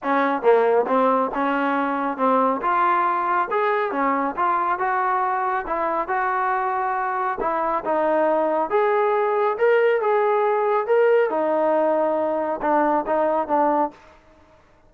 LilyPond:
\new Staff \with { instrumentName = "trombone" } { \time 4/4 \tempo 4 = 138 cis'4 ais4 c'4 cis'4~ | cis'4 c'4 f'2 | gis'4 cis'4 f'4 fis'4~ | fis'4 e'4 fis'2~ |
fis'4 e'4 dis'2 | gis'2 ais'4 gis'4~ | gis'4 ais'4 dis'2~ | dis'4 d'4 dis'4 d'4 | }